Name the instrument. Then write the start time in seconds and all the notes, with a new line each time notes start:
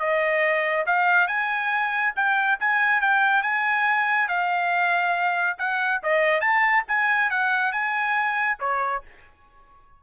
trumpet
0.00 D#5
0.86 F5
1.28 G#5
2.16 G5
2.60 G#5
3.01 G5
3.43 G#5
4.29 F5
5.59 F#5
6.04 D#5
6.41 A5
6.88 G#5
7.31 F#5
7.73 G#5
8.60 C#5